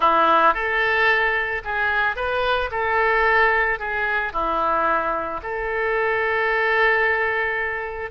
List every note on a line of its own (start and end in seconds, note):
0.00 0.54 E4
0.54 1.62 A4
1.64 2.16 G#4
2.16 2.70 B4
2.71 3.79 A4
3.79 4.32 G#4
4.32 5.40 E4
5.43 8.10 A4